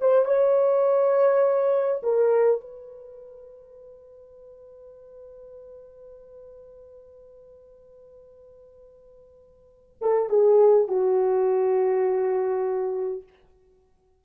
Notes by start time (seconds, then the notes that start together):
0.00 C5
0.25 C#5
2.02 A#4
2.61 B4
10.01 A4
10.29 G#4
10.88 F#4